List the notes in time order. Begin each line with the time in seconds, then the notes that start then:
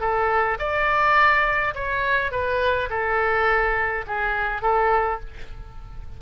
0.00 A4
0.58 D5
1.74 C#5
2.31 B4
2.90 A4
4.07 G#4
4.62 A4